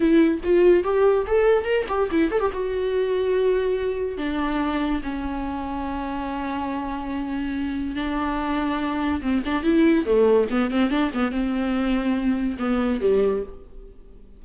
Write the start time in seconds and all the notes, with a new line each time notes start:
0.00 E4
0.43 F4
0.83 G4
1.26 A4
1.64 A#4
1.88 G4
2.11 E4
2.31 A4
2.40 G4
2.52 F#4
4.17 D4
5.02 C#4
7.95 D4
9.21 C4
9.45 D4
9.63 E4
10.05 A3
10.50 B3
10.71 C4
10.90 D4
11.14 B3
11.31 C4
12.59 B3
13.00 G3